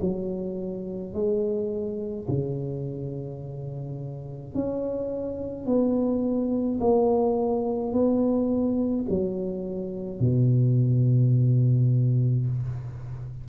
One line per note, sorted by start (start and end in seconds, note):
0.00 1.13 F#3
1.13 2.26 G#3
2.28 4.54 C#3
4.54 5.66 C#4
5.66 6.79 B3
6.80 7.92 A#3
7.92 9.06 B3
9.09 10.20 F#3
10.20 12.46 B2